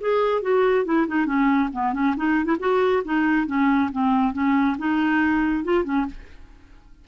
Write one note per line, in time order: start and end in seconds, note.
0.00 0.42 G#4
0.42 0.85 F#4
0.85 1.07 E4
1.07 1.25 D#4
1.25 1.69 C#4
1.73 1.93 B3
1.93 2.15 C#4
2.17 2.45 D#4
2.45 2.56 E4
2.59 3.03 F#4
3.05 3.46 D#4
3.46 3.90 C#4
3.92 4.33 C4
4.33 4.76 C#4
4.78 5.64 D#4
5.64 5.84 F4
5.84 6.06 C#4